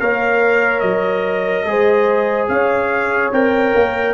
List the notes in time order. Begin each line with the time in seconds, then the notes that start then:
0.00 A#3 A#4 C#5 F5
0.80 F#3 D#5
1.65 G#3 G#4 C5
2.48 C#4 C#5 F5
3.32 C4 A#4 G5
3.75 A#3